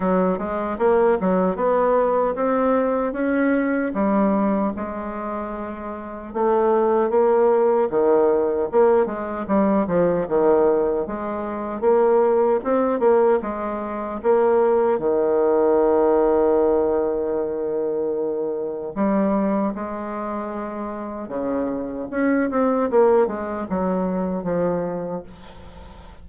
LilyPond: \new Staff \with { instrumentName = "bassoon" } { \time 4/4 \tempo 4 = 76 fis8 gis8 ais8 fis8 b4 c'4 | cis'4 g4 gis2 | a4 ais4 dis4 ais8 gis8 | g8 f8 dis4 gis4 ais4 |
c'8 ais8 gis4 ais4 dis4~ | dis1 | g4 gis2 cis4 | cis'8 c'8 ais8 gis8 fis4 f4 | }